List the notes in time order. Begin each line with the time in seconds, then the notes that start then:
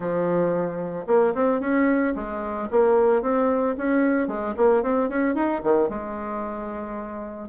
0.00 F3
1.07 A#3
1.34 C4
1.60 C#4
2.15 G#3
2.71 A#3
3.22 C4
3.77 C#4
4.27 G#3
4.56 A#3
4.82 C4
5.09 C#4
5.34 D#4
5.63 D#3
5.89 G#3